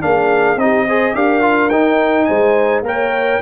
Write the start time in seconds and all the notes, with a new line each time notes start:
0.00 A#3 D4 G#4 F5
0.56 C4 D#4 G4 D#5
0.86 G#4 C5
1.14 D4 G4 A#4 F5
1.41 F4
1.69 D#4 G5
2.24 G#3 C5 G#5
2.82 A#3 A#4 C#5 G5